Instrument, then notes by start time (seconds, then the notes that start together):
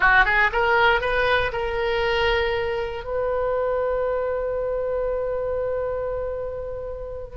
oboe
0.00 F#4
0.25 G#4
0.52 A#4
1.01 B4
1.52 A#4
3.04 B4